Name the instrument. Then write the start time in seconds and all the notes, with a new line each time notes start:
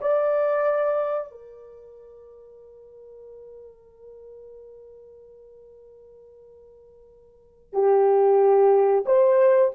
horn
0.00 D5
1.30 A#4
7.72 G4
9.05 C5